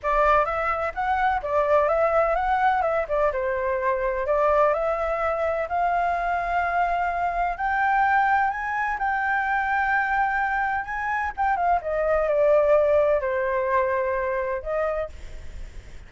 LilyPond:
\new Staff \with { instrumentName = "flute" } { \time 4/4 \tempo 4 = 127 d''4 e''4 fis''4 d''4 | e''4 fis''4 e''8 d''8 c''4~ | c''4 d''4 e''2 | f''1 |
g''2 gis''4 g''4~ | g''2. gis''4 | g''8 f''8 dis''4 d''2 | c''2. dis''4 | }